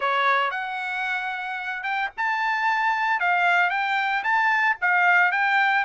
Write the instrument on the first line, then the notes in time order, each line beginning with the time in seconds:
trumpet
0.00 C#5
0.50 F#5
1.83 G5
2.17 A5
3.20 F5
3.70 G5
4.23 A5
4.81 F5
5.31 G5